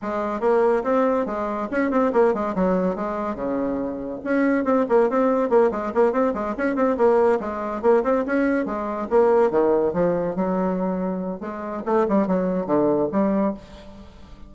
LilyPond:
\new Staff \with { instrumentName = "bassoon" } { \time 4/4 \tempo 4 = 142 gis4 ais4 c'4 gis4 | cis'8 c'8 ais8 gis8 fis4 gis4 | cis2 cis'4 c'8 ais8 | c'4 ais8 gis8 ais8 c'8 gis8 cis'8 |
c'8 ais4 gis4 ais8 c'8 cis'8~ | cis'8 gis4 ais4 dis4 f8~ | f8 fis2~ fis8 gis4 | a8 g8 fis4 d4 g4 | }